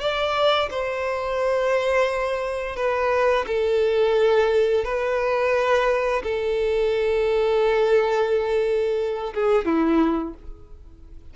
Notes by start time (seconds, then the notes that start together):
0.00 D5
0.70 C5
2.76 B4
3.47 A4
4.84 B4
6.23 A4
9.34 G#4
9.65 E4